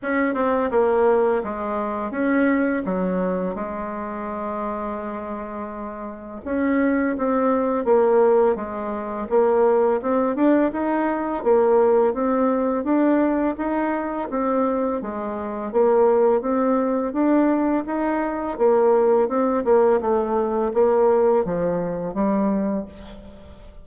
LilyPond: \new Staff \with { instrumentName = "bassoon" } { \time 4/4 \tempo 4 = 84 cis'8 c'8 ais4 gis4 cis'4 | fis4 gis2.~ | gis4 cis'4 c'4 ais4 | gis4 ais4 c'8 d'8 dis'4 |
ais4 c'4 d'4 dis'4 | c'4 gis4 ais4 c'4 | d'4 dis'4 ais4 c'8 ais8 | a4 ais4 f4 g4 | }